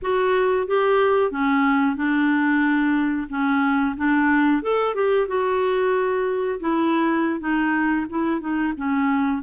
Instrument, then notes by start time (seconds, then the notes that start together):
clarinet
0.02 F#4
0.67 G4
1.31 C#4
1.96 D4
3.29 C#4
3.97 D4
4.62 A4
4.95 G4
5.27 F#4
6.60 E4
7.40 D#4
8.09 E4
8.40 D#4
8.76 C#4